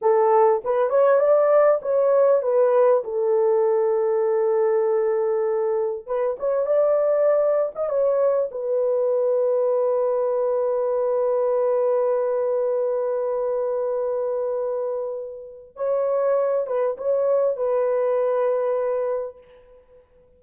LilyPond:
\new Staff \with { instrumentName = "horn" } { \time 4/4 \tempo 4 = 99 a'4 b'8 cis''8 d''4 cis''4 | b'4 a'2.~ | a'2 b'8 cis''8 d''4~ | d''8. dis''16 cis''4 b'2~ |
b'1~ | b'1~ | b'2 cis''4. b'8 | cis''4 b'2. | }